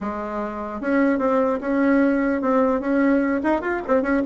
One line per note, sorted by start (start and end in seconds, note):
0.01 0.81 G#3
0.81 1.18 C#4
1.18 1.59 C4
1.61 2.41 C#4
2.41 2.80 C4
2.80 3.40 C#4
3.43 3.61 D#4
3.61 3.81 F4
3.87 4.02 C4
4.02 4.22 C#4